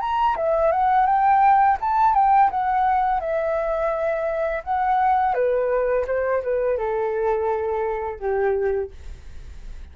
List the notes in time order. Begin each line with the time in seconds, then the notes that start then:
0.00 A#5
0.36 E5
0.72 F#5
1.06 G5
1.80 A5
2.14 G5
2.50 F#5
3.20 E5
4.63 F#5
5.34 B4
6.07 C5
6.43 B4
6.77 A4
8.19 G4